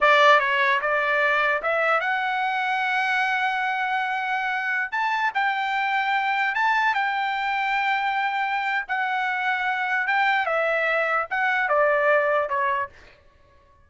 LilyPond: \new Staff \with { instrumentName = "trumpet" } { \time 4/4 \tempo 4 = 149 d''4 cis''4 d''2 | e''4 fis''2.~ | fis''1~ | fis''16 a''4 g''2~ g''8.~ |
g''16 a''4 g''2~ g''8.~ | g''2 fis''2~ | fis''4 g''4 e''2 | fis''4 d''2 cis''4 | }